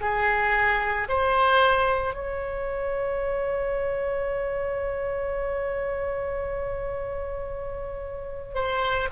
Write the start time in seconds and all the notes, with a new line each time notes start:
0.00 G#4
1.08 C5
2.14 C#5
8.54 C5